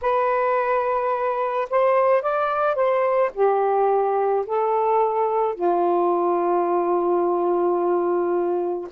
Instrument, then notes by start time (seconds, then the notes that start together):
saxophone
0.01 B4
1.69 C5
2.22 D5
2.75 C5
3.34 G4
4.46 A4
5.54 F4